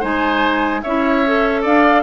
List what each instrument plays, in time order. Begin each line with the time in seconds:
0.00 bassoon G#3, clarinet D#4, oboe C5, flute G#5
0.82 bassoon C#4, clarinet E4, oboe C#5, flute E5
1.26 clarinet A4
1.62 bassoon D4, oboe D5, flute F5